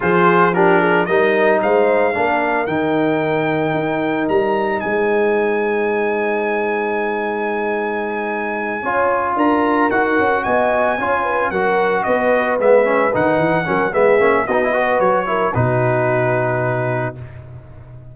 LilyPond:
<<
  \new Staff \with { instrumentName = "trumpet" } { \time 4/4 \tempo 4 = 112 c''4 ais'4 dis''4 f''4~ | f''4 g''2. | ais''4 gis''2.~ | gis''1~ |
gis''4. ais''4 fis''4 gis''8~ | gis''4. fis''4 dis''4 e''8~ | e''8 fis''4. e''4 dis''4 | cis''4 b'2. | }
  \new Staff \with { instrumentName = "horn" } { \time 4/4 gis'4 g'8 gis'8 ais'4 c''4 | ais'1~ | ais'4 c''2.~ | c''1~ |
c''8 cis''4 ais'2 dis''8~ | dis''8 cis''8 b'8 ais'4 b'4.~ | b'4. ais'8 gis'4 fis'8 b'8~ | b'8 ais'8 fis'2. | }
  \new Staff \with { instrumentName = "trombone" } { \time 4/4 f'4 d'4 dis'2 | d'4 dis'2.~ | dis'1~ | dis'1~ |
dis'8 f'2 fis'4.~ | fis'8 f'4 fis'2 b8 | cis'8 dis'4 cis'8 b8 cis'8 dis'16 e'16 fis'8~ | fis'8 e'8 dis'2. | }
  \new Staff \with { instrumentName = "tuba" } { \time 4/4 f2 g4 gis4 | ais4 dis2 dis'4 | g4 gis2.~ | gis1~ |
gis8 cis'4 d'4 dis'8 cis'8 b8~ | b8 cis'4 fis4 b4 gis8~ | gis8 dis8 e8 fis8 gis8 ais8 b4 | fis4 b,2. | }
>>